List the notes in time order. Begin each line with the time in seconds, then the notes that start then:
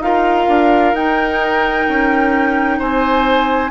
0.00 D#4 F4 A#4 F5
0.48 D4
0.93 D#4 G5
1.88 C#4
2.79 C4 C5 G#5